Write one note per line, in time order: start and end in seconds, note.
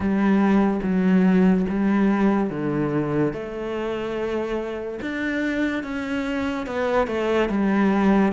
0.00 0.80 G3
0.82 1.66 F#3
1.69 2.50 G3
2.50 3.33 D3
3.33 4.99 A3
5.01 5.83 D4
5.83 6.66 C#4
6.66 7.07 B3
7.07 7.48 A3
7.49 8.32 G3